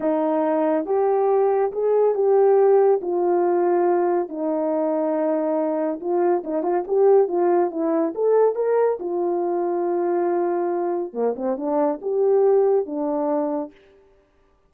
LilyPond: \new Staff \with { instrumentName = "horn" } { \time 4/4 \tempo 4 = 140 dis'2 g'2 | gis'4 g'2 f'4~ | f'2 dis'2~ | dis'2 f'4 dis'8 f'8 |
g'4 f'4 e'4 a'4 | ais'4 f'2.~ | f'2 ais8 c'8 d'4 | g'2 d'2 | }